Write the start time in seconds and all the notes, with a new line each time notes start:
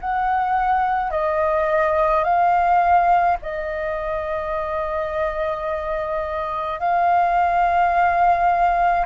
0.00 F#5
1.11 D#5
2.24 F5
3.42 D#5
6.79 F5